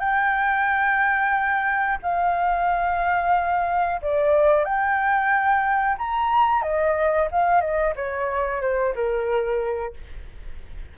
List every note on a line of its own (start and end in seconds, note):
0.00 1.98 G5
2.03 4.01 F5
4.02 4.65 D5
4.65 5.97 G5
5.98 6.63 A#5
6.63 7.29 D#5
7.32 7.61 F5
7.61 7.94 D#5
7.96 8.62 C#5
8.62 8.95 C5
8.95 9.94 A#4